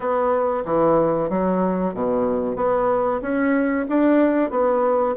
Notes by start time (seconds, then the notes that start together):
0.00 B3
0.65 E3
1.29 F#3
1.94 B2
2.56 B3
3.21 C#4
3.89 D4
4.50 B3